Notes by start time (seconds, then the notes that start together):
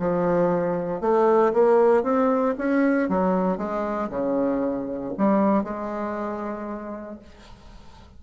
0.00 F3
1.01 A3
1.54 A#3
2.03 C4
2.58 C#4
3.09 F#3
3.58 G#3
4.10 C#3
5.18 G3
5.64 G#3